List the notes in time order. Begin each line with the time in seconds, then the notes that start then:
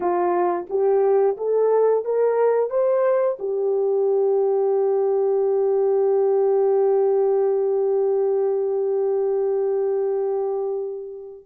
0.00 F4
0.69 G4
1.37 A4
2.04 A#4
2.70 C5
3.39 G4